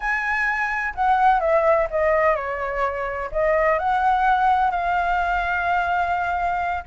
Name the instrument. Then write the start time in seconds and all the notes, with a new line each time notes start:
flute
0.00 G#5
0.94 F#5
1.40 E5
1.90 D#5
2.35 C#5
3.31 D#5
3.79 F#5
4.71 F5